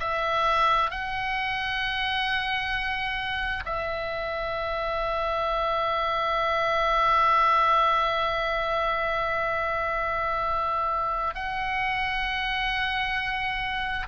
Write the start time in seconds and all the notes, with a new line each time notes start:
0.00 E5
0.90 F#5
3.65 E5
11.34 F#5